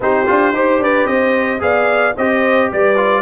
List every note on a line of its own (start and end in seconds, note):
0.00 0.26 C4
0.00 0.26 D#4
0.00 0.55 G4
0.00 0.83 C5
0.26 0.52 D4
0.26 0.53 F4
0.52 0.78 D#4
0.52 1.59 G4
0.52 0.82 C5
0.78 1.05 D4
0.78 1.07 B4
0.78 1.07 D5
1.06 1.60 C4
1.06 1.61 C5
1.06 1.61 D#5
1.59 2.15 B3
1.59 2.13 G#4
1.59 2.16 D5
1.59 2.16 F5
2.16 2.71 C4
2.16 2.96 G4
2.16 2.70 C5
2.16 2.71 D#5
2.72 3.22 G3
2.72 3.22 B4
2.72 3.22 D5
2.96 3.22 F4